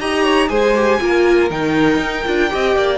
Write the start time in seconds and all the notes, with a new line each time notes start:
0.00 D#4 G4 D#5 A#5
0.24 C#5
0.49 G#3 G#4 C5 G#5
0.76 G4
1.01 A#3 F4 A#4
1.50 D#3 D#4 G5
1.98 D#4
2.26 D4 F4
2.50 C4 G4 D#5
2.77 A#3 D5